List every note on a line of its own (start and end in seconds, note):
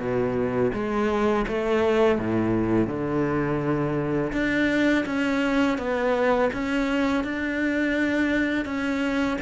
0.00 0.72 B2
0.74 1.46 G#3
1.48 2.19 A3
2.19 2.88 A2
2.88 4.32 D3
4.33 5.05 D4
5.06 5.78 C#4
5.78 6.51 B3
6.54 7.25 C#4
7.25 8.66 D4
8.66 9.38 C#4